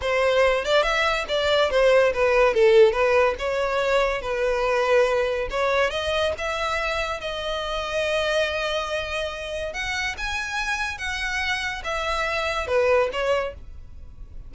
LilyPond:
\new Staff \with { instrumentName = "violin" } { \time 4/4 \tempo 4 = 142 c''4. d''8 e''4 d''4 | c''4 b'4 a'4 b'4 | cis''2 b'2~ | b'4 cis''4 dis''4 e''4~ |
e''4 dis''2.~ | dis''2. fis''4 | gis''2 fis''2 | e''2 b'4 cis''4 | }